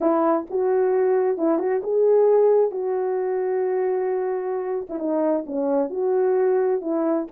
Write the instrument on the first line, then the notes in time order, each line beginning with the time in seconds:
horn
0.01 E4
0.49 F#4
1.37 E4
1.58 F#4
1.83 G#4
2.71 F#4
4.89 E4
4.99 D#4
5.46 C#4
5.90 F#4
6.81 E4